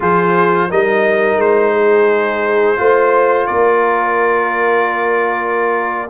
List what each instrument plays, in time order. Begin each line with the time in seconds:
0.00 tuba F3, trombone F4, horn G#4, trumpet C5
0.69 tuba G3, trombone D#4, horn A#4, trumpet D#5
1.36 tuba G#3, trumpet C5
1.73 horn G#4
2.76 tuba A3, trombone F4, horn C5
3.46 tuba A#3, horn A#4, trumpet D5